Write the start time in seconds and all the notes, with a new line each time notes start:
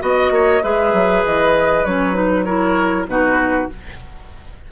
0.00 B3 F#4 D#5
0.31 A#3 C#5
0.63 G#3 G#4 B4 E5
0.94 F#3
1.25 E3 D#5
1.85 F#3 C#4 C#5
2.14 D#4 B4
2.45 E4 A#4 C#5
3.07 B2 D#4 F#4 B4